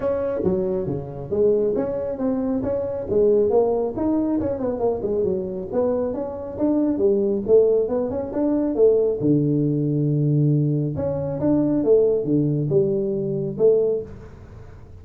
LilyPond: \new Staff \with { instrumentName = "tuba" } { \time 4/4 \tempo 4 = 137 cis'4 fis4 cis4 gis4 | cis'4 c'4 cis'4 gis4 | ais4 dis'4 cis'8 b8 ais8 gis8 | fis4 b4 cis'4 d'4 |
g4 a4 b8 cis'8 d'4 | a4 d2.~ | d4 cis'4 d'4 a4 | d4 g2 a4 | }